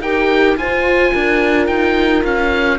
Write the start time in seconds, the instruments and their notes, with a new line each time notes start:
0.00 cello D#4, viola G4, horn A#4, oboe G5
0.56 cello F4, viola F4, horn C5, oboe G#5
1.13 cello D4, horn A#4
1.67 cello D#4, oboe G5
2.24 cello C#4, oboe F5